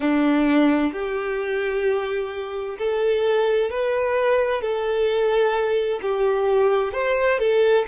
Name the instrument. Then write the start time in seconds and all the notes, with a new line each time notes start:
violin
0.00 D4
0.92 G4
2.78 A4
3.70 B4
4.61 A4
6.02 G4
6.92 C5
7.38 A4